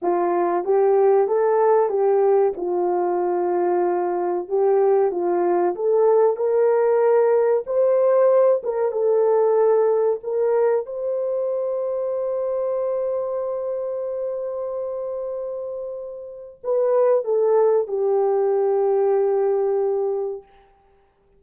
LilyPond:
\new Staff \with { instrumentName = "horn" } { \time 4/4 \tempo 4 = 94 f'4 g'4 a'4 g'4 | f'2. g'4 | f'4 a'4 ais'2 | c''4. ais'8 a'2 |
ais'4 c''2.~ | c''1~ | c''2 b'4 a'4 | g'1 | }